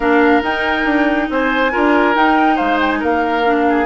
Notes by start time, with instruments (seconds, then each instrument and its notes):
0.00 bassoon A#3, clarinet D4, oboe A#4, flute F5
0.41 clarinet D#4, bassoon D#4, flute G5
0.85 bassoon D4
1.29 bassoon C4, oboe C5, flute G#5
1.71 bassoon D4, clarinet F4, oboe A#4
2.14 clarinet D#4, bassoon D#4, flute G5
2.55 bassoon G#3, oboe C5, flute F5
2.80 flute G5
2.90 flute G#5
3.00 bassoon A#3, oboe A#4, flute F5
3.44 clarinet D4
3.69 oboe G#4